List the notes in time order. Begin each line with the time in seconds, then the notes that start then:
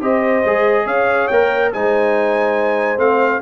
0.00 C4 G4 C5 D#5
0.45 G#3 G#4
0.85 C#4 C#5 F5
1.27 A#3 A#4 G5
1.72 G#3 D#4 C5 G#5
2.97 A3 C4 F5